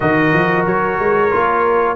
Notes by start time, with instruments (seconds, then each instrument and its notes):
0.00 tuba D#3, trombone F#4, horn A#4, trumpet D#5
0.33 tuba F3
0.66 tuba F#3, trumpet C#5
0.99 tuba G#3
1.30 tuba A#3, trombone F4